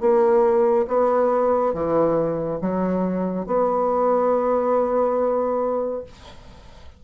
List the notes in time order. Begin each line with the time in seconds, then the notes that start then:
0.00 A#3
0.88 B3
1.74 E3
2.61 F#3
3.46 B3